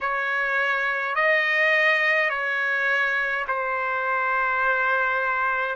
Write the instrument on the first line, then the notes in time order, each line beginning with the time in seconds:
trumpet
0.01 C#5
1.15 D#5
2.29 C#5
3.47 C5